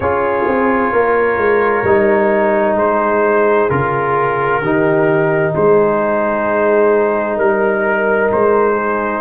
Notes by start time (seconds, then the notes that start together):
0.00 C#4 F4 G#4 C#5
0.47 C4
0.92 A#3 A#4
1.37 G#3
1.83 G3 D#4
2.75 G#3 G#4 C5
3.69 C#3 F4 A#4
4.61 D#3 D#4 G4
5.53 G#3 G#4 C5
7.36 G3 A#4
8.32 G#3 C5
8.74 G#4